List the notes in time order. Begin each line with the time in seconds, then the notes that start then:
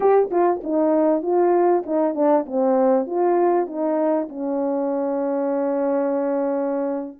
0.00 G4
0.31 F4
0.63 D#4
1.22 F4
1.86 D#4
2.14 D4
2.45 C4
3.06 F4
3.67 D#4
4.28 C#4